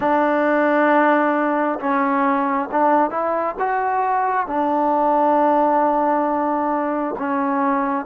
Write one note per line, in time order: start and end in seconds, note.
0.00 1.79 D4
1.79 2.69 C#4
2.71 3.10 D4
3.10 3.55 E4
3.59 4.46 F#4
4.46 7.15 D4
7.18 8.05 C#4